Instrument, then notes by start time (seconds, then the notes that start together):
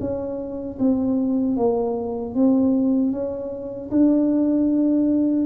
tuba
0.00 C#4
0.79 C4
1.56 A#3
2.34 C4
3.12 C#4
3.91 D4